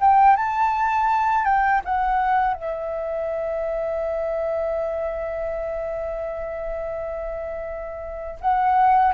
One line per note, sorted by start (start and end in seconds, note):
0.00 0.36 G5
0.36 1.44 A5
1.44 1.81 G5
1.85 2.54 F#5
2.54 8.39 E5
8.41 9.14 F#5